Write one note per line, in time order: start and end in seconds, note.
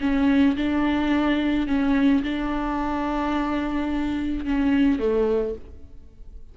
0.00 0.56 C#4
0.56 1.67 D4
1.67 2.22 C#4
2.23 4.45 D4
4.45 4.99 C#4
4.99 5.54 A3